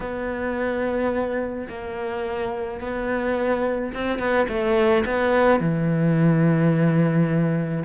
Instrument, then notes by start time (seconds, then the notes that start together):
cello
0.00 B3
1.68 A#3
2.80 B3
3.93 C4
4.18 B3
4.48 A3
5.05 B3
5.59 E3